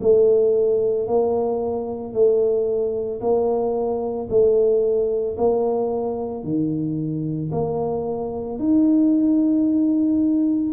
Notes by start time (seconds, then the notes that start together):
0.00 A3
1.07 A#3
2.13 A3
3.20 A#3
4.29 A3
5.37 A#3
6.43 D#3
7.51 A#3
8.59 D#4